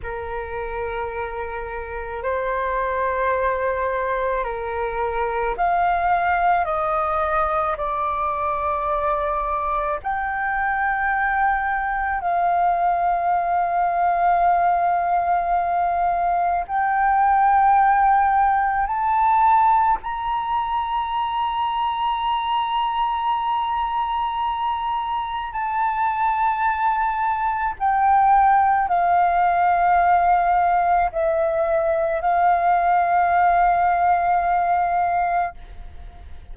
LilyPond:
\new Staff \with { instrumentName = "flute" } { \time 4/4 \tempo 4 = 54 ais'2 c''2 | ais'4 f''4 dis''4 d''4~ | d''4 g''2 f''4~ | f''2. g''4~ |
g''4 a''4 ais''2~ | ais''2. a''4~ | a''4 g''4 f''2 | e''4 f''2. | }